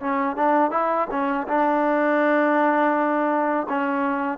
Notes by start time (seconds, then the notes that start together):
0.00 C#4
0.36 D4
0.71 E4
1.10 C#4
1.48 D4
3.69 C#4